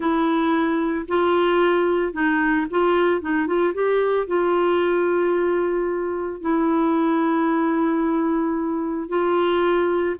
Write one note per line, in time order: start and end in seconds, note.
0.00 1.06 E4
1.08 2.13 F4
2.13 2.66 D#4
2.70 3.21 F4
3.21 3.46 D#4
3.46 3.73 F4
3.74 4.27 G4
4.27 6.41 F4
6.41 9.09 E4
9.09 10.16 F4